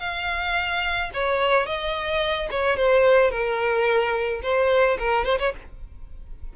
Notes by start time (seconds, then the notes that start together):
0.00 F5
1.14 C#5
1.66 D#5
2.51 C#5
2.77 C5
3.31 A#4
4.43 C5
4.99 A#4
5.25 C5
5.39 C#5